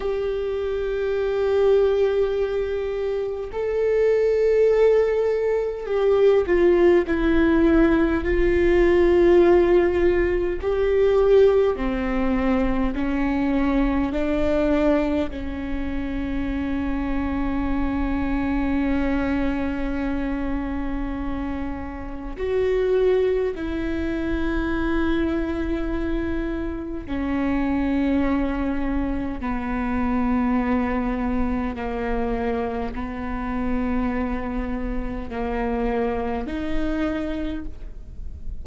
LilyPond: \new Staff \with { instrumentName = "viola" } { \time 4/4 \tempo 4 = 51 g'2. a'4~ | a'4 g'8 f'8 e'4 f'4~ | f'4 g'4 c'4 cis'4 | d'4 cis'2.~ |
cis'2. fis'4 | e'2. cis'4~ | cis'4 b2 ais4 | b2 ais4 dis'4 | }